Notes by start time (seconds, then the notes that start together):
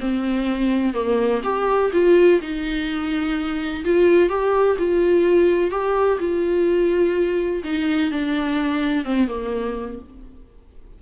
0.00 C4
0.94 A#3
1.44 G4
1.93 F4
2.42 D#4
3.84 F4
4.29 G4
4.79 F4
5.71 G4
6.20 F4
7.65 D#4
8.11 D4
9.05 C4
9.28 A#3